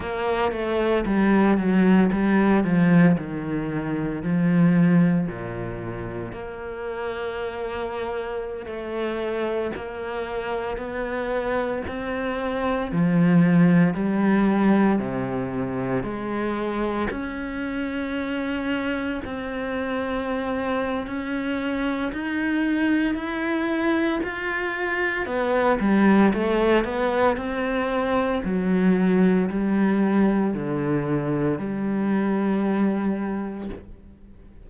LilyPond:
\new Staff \with { instrumentName = "cello" } { \time 4/4 \tempo 4 = 57 ais8 a8 g8 fis8 g8 f8 dis4 | f4 ais,4 ais2~ | ais16 a4 ais4 b4 c'8.~ | c'16 f4 g4 c4 gis8.~ |
gis16 cis'2 c'4.~ c'16 | cis'4 dis'4 e'4 f'4 | b8 g8 a8 b8 c'4 fis4 | g4 d4 g2 | }